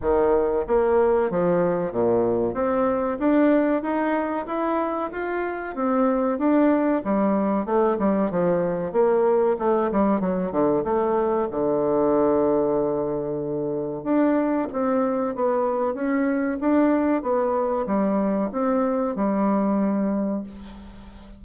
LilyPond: \new Staff \with { instrumentName = "bassoon" } { \time 4/4 \tempo 4 = 94 dis4 ais4 f4 ais,4 | c'4 d'4 dis'4 e'4 | f'4 c'4 d'4 g4 | a8 g8 f4 ais4 a8 g8 |
fis8 d8 a4 d2~ | d2 d'4 c'4 | b4 cis'4 d'4 b4 | g4 c'4 g2 | }